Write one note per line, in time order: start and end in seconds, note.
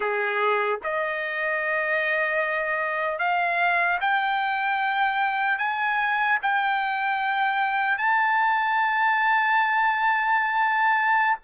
0.00 0.79 G#4
0.83 3.18 D#5
3.18 3.98 F5
4.00 5.58 G5
5.58 6.38 G#5
6.42 7.97 G5
7.97 11.37 A5